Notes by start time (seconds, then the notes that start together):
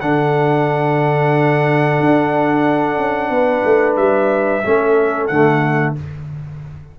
0.00 D3 D4 A4 F#5
2.00 D4
2.98 C#4
3.29 B3 B4
3.64 A3
3.96 G3 E5
4.63 A3 C#4 A4
5.27 D3 A3 F#5